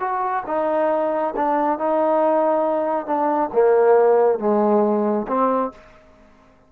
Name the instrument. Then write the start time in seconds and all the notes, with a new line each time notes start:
trombone
0.00 F#4
0.47 D#4
1.36 D4
1.79 D#4
3.06 D4
3.53 A#3
4.39 G#3
5.28 C4